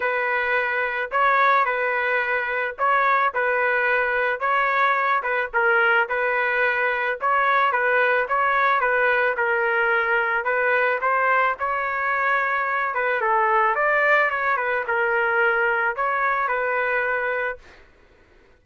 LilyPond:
\new Staff \with { instrumentName = "trumpet" } { \time 4/4 \tempo 4 = 109 b'2 cis''4 b'4~ | b'4 cis''4 b'2 | cis''4. b'8 ais'4 b'4~ | b'4 cis''4 b'4 cis''4 |
b'4 ais'2 b'4 | c''4 cis''2~ cis''8 b'8 | a'4 d''4 cis''8 b'8 ais'4~ | ais'4 cis''4 b'2 | }